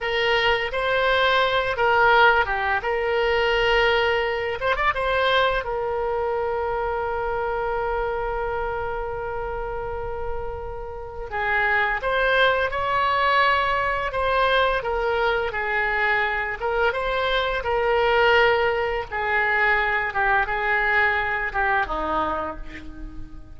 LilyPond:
\new Staff \with { instrumentName = "oboe" } { \time 4/4 \tempo 4 = 85 ais'4 c''4. ais'4 g'8 | ais'2~ ais'8 c''16 d''16 c''4 | ais'1~ | ais'1 |
gis'4 c''4 cis''2 | c''4 ais'4 gis'4. ais'8 | c''4 ais'2 gis'4~ | gis'8 g'8 gis'4. g'8 dis'4 | }